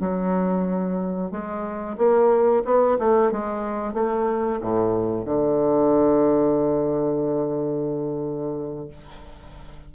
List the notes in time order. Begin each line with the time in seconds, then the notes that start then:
0.00 F#3
1.31 G#3
1.97 A#3
2.64 B3
2.99 A3
3.31 G#3
3.94 A3
4.60 A2
5.25 D3